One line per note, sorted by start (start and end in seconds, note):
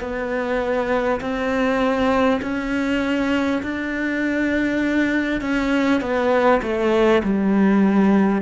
0.00 1.20 B3
1.20 2.40 C4
2.41 3.61 C#4
3.62 5.41 D4
5.41 6.01 C#4
6.01 6.61 B3
6.62 7.22 A3
7.23 8.41 G3